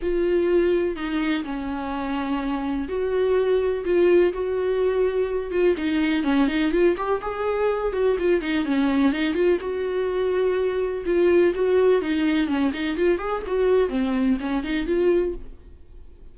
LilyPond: \new Staff \with { instrumentName = "viola" } { \time 4/4 \tempo 4 = 125 f'2 dis'4 cis'4~ | cis'2 fis'2 | f'4 fis'2~ fis'8 f'8 | dis'4 cis'8 dis'8 f'8 g'8 gis'4~ |
gis'8 fis'8 f'8 dis'8 cis'4 dis'8 f'8 | fis'2. f'4 | fis'4 dis'4 cis'8 dis'8 f'8 gis'8 | fis'4 c'4 cis'8 dis'8 f'4 | }